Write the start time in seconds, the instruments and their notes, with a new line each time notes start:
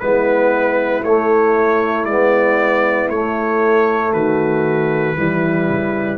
0.00 tuba G#3, trombone B3, horn E4, trumpet B4
1.02 tuba A3, trombone A3, trumpet C#5
2.05 tuba G#3, trombone B3, trumpet D5
3.09 tuba A3, trombone A3, trumpet C#5
4.13 tuba D#3, horn F#4, trumpet B4
5.17 tuba E3, trombone G3, horn E4
5.69 tuba C#3